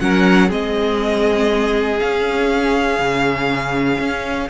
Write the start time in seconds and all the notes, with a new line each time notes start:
0.00 F#3 C#4 A#4 F#5
0.48 G#3 C4 G#4 D#5
2.00 C#4 F5
2.99 C#3
3.99 C#4